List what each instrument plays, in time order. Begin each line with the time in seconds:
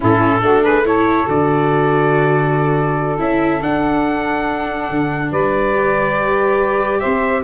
0.00 tuba A2, viola C#4, saxophone E4, trumpet A4
0.41 tuba A3, viola D4, saxophone F#4
0.63 saxophone G#4, trumpet B4
0.84 viola E4, saxophone A4, trumpet C#5
1.27 tuba D3, viola F#4, trumpet D5
3.18 tuba C#4, viola E4, trumpet E5
3.61 viola D4, tuba D4, trumpet F#5
4.90 tuba D3
5.31 tuba G3, saxophone B4, trumpet D5
5.74 viola G4
7.00 tuba C4, saxophone C5, trumpet E5